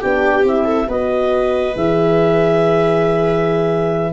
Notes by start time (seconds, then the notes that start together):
0.00 B3 D4 G4 G5
0.43 C4 E4 E5
0.65 A4
0.88 B3 F#4 B4 D#5
1.75 E3 G#4 E5